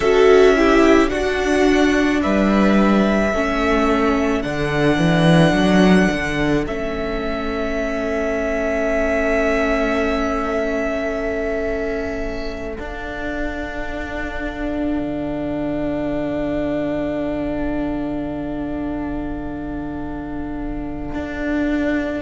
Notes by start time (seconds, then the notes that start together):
0.00 C#4 F#4 A4 E5
0.56 E4 G4
1.09 D4 F#4 F#5
2.22 G3 B4 E5
3.33 A3 C#4 A4
4.41 D3 D4 F#5
4.97 E3
5.52 F#3
6.11 D3
6.66 A3 C#4 E5
12.76 D4 F5
14.99 D3
21.14 D4